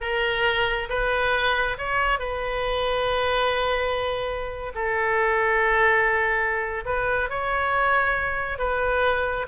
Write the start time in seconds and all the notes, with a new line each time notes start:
0.00 A#4
0.89 B4
1.78 C#5
2.19 B4
4.74 A4
6.85 B4
7.29 C#5
8.58 B4